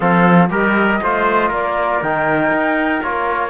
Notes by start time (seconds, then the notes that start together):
0.00 F3 C4 A4 F5
0.49 G3 G4 A#4 D#5
1.02 A3 F4 C5
1.49 A#3 A#4 D5
2.01 D#3 D#4 G5
2.51 D#4
3.02 A#3 F4 C#5